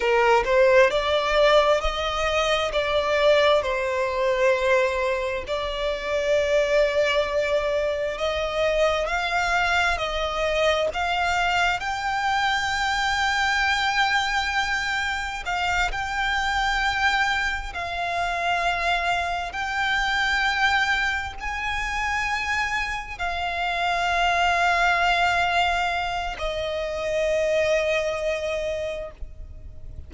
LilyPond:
\new Staff \with { instrumentName = "violin" } { \time 4/4 \tempo 4 = 66 ais'8 c''8 d''4 dis''4 d''4 | c''2 d''2~ | d''4 dis''4 f''4 dis''4 | f''4 g''2.~ |
g''4 f''8 g''2 f''8~ | f''4. g''2 gis''8~ | gis''4. f''2~ f''8~ | f''4 dis''2. | }